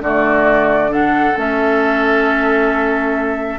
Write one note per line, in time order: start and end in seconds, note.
0.00 1.34 D3
0.00 0.90 A3
0.00 0.91 F#4
0.00 0.93 D5
0.90 1.35 D4
0.90 3.59 A4
0.90 1.38 F#5
1.37 3.59 A3
1.37 3.59 C#4
1.37 3.59 E5